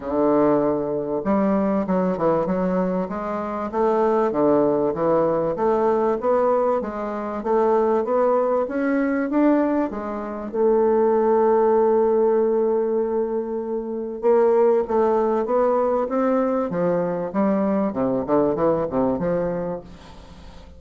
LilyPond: \new Staff \with { instrumentName = "bassoon" } { \time 4/4 \tempo 4 = 97 d2 g4 fis8 e8 | fis4 gis4 a4 d4 | e4 a4 b4 gis4 | a4 b4 cis'4 d'4 |
gis4 a2.~ | a2. ais4 | a4 b4 c'4 f4 | g4 c8 d8 e8 c8 f4 | }